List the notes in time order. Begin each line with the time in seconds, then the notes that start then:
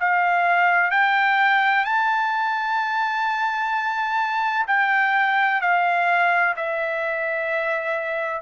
0.00 F5
0.91 G5
1.85 A5
4.67 G5
5.61 F5
6.57 E5